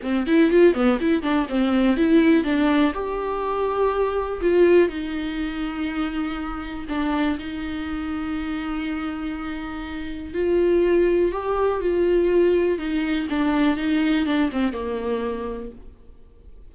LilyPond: \new Staff \with { instrumentName = "viola" } { \time 4/4 \tempo 4 = 122 c'8 e'8 f'8 b8 e'8 d'8 c'4 | e'4 d'4 g'2~ | g'4 f'4 dis'2~ | dis'2 d'4 dis'4~ |
dis'1~ | dis'4 f'2 g'4 | f'2 dis'4 d'4 | dis'4 d'8 c'8 ais2 | }